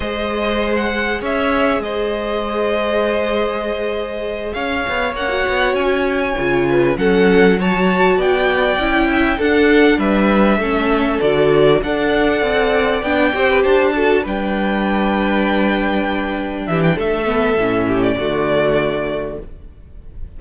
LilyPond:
<<
  \new Staff \with { instrumentName = "violin" } { \time 4/4 \tempo 4 = 99 dis''4~ dis''16 fis''8. e''4 dis''4~ | dis''2.~ dis''8 f''8~ | f''8 fis''4 gis''2 fis''8~ | fis''8 a''4 g''2 fis''8~ |
fis''8 e''2 d''4 fis''8~ | fis''4. g''4 a''4 g''8~ | g''2.~ g''8 e''16 g''16 | e''4.~ e''16 d''2~ d''16 | }
  \new Staff \with { instrumentName = "violin" } { \time 4/4 c''2 cis''4 c''4~ | c''2.~ c''8 cis''8~ | cis''2. b'8 a'8~ | a'8 cis''4 d''4. e''8 a'8~ |
a'8 b'4 a'2 d''8~ | d''2 c''16 b'16 c''8 a'8 b'8~ | b'2.~ b'8 g'8 | a'4. g'8 fis'2 | }
  \new Staff \with { instrumentName = "viola" } { \time 4/4 gis'1~ | gis'1~ | gis'8 cis'16 fis'4.~ fis'16 f'4 cis'8~ | cis'8 fis'2 e'4 d'8~ |
d'4. cis'4 fis'4 a'8~ | a'4. d'8 g'4 fis'8 d'8~ | d'1~ | d'8 b8 cis'4 a2 | }
  \new Staff \with { instrumentName = "cello" } { \time 4/4 gis2 cis'4 gis4~ | gis2.~ gis8 cis'8 | b8 ais8 b8 cis'4 cis4 fis8~ | fis4. b4 cis'4 d'8~ |
d'8 g4 a4 d4 d'8~ | d'8 c'4 b8 c'8 d'4 g8~ | g2.~ g8 e8 | a4 a,4 d2 | }
>>